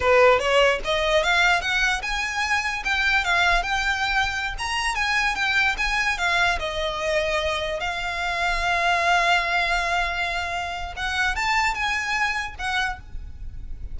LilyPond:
\new Staff \with { instrumentName = "violin" } { \time 4/4 \tempo 4 = 148 b'4 cis''4 dis''4 f''4 | fis''4 gis''2 g''4 | f''4 g''2~ g''16 ais''8.~ | ais''16 gis''4 g''4 gis''4 f''8.~ |
f''16 dis''2. f''8.~ | f''1~ | f''2. fis''4 | a''4 gis''2 fis''4 | }